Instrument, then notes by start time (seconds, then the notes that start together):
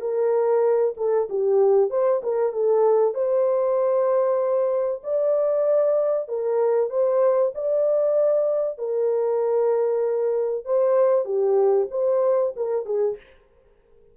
horn
0.00 A#4
0.97 A4
1.29 G4
1.90 C5
2.23 A#4
2.52 A4
3.14 C5
5.03 D5
6.28 A#4
6.89 C5
7.54 D5
8.78 A#4
10.65 C5
11.25 G4
11.90 C5
12.56 A#4
12.85 G#4